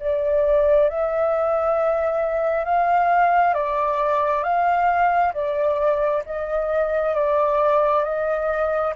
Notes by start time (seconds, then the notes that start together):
0.00 D5
0.89 E5
2.65 F5
3.54 D5
4.43 F5
5.33 D5
6.25 D#5
7.15 D5
8.04 D#5